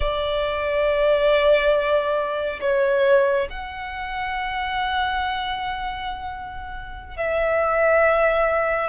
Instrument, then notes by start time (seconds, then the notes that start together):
violin
0.00 D5
2.60 C#5
3.49 F#5
7.16 E5